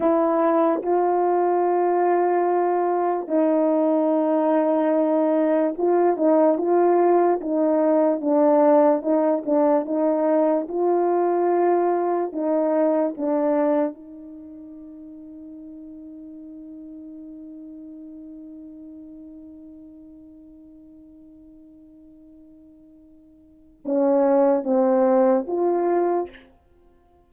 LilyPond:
\new Staff \with { instrumentName = "horn" } { \time 4/4 \tempo 4 = 73 e'4 f'2. | dis'2. f'8 dis'8 | f'4 dis'4 d'4 dis'8 d'8 | dis'4 f'2 dis'4 |
d'4 dis'2.~ | dis'1~ | dis'1~ | dis'4 cis'4 c'4 f'4 | }